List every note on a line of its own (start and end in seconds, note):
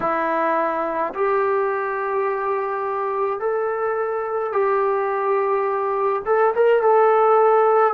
0.00 1.13 E4
1.14 3.40 G4
3.40 4.52 A4
4.52 6.22 G4
6.25 6.54 A4
6.54 6.82 A#4
6.82 7.93 A4